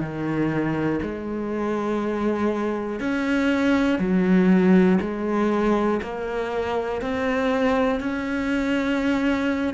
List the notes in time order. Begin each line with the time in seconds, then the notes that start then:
0.00 D#3
1.02 G#3
3.00 C#4
3.99 F#3
5.00 G#3
6.02 A#3
7.01 C4
8.00 C#4